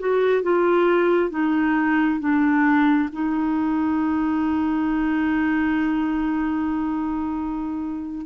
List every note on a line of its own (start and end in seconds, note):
0.00 0.43 F#4
0.43 1.31 F4
1.31 2.20 D#4
2.20 3.10 D4
3.13 8.27 D#4